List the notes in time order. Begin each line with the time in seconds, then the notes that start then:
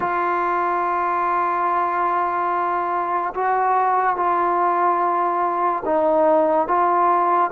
0.00 F4
3.34 F#4
4.16 F4
5.85 D#4
6.67 F4